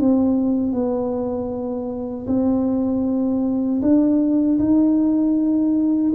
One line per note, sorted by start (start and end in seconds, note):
0.00 0.73 C4
0.73 2.27 B3
2.27 3.81 C4
3.82 4.59 D4
4.59 6.13 D#4